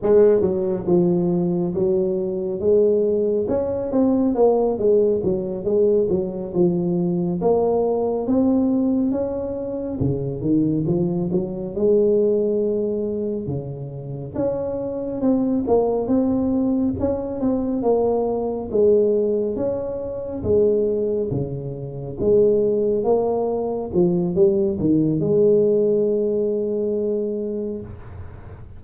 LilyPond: \new Staff \with { instrumentName = "tuba" } { \time 4/4 \tempo 4 = 69 gis8 fis8 f4 fis4 gis4 | cis'8 c'8 ais8 gis8 fis8 gis8 fis8 f8~ | f8 ais4 c'4 cis'4 cis8 | dis8 f8 fis8 gis2 cis8~ |
cis8 cis'4 c'8 ais8 c'4 cis'8 | c'8 ais4 gis4 cis'4 gis8~ | gis8 cis4 gis4 ais4 f8 | g8 dis8 gis2. | }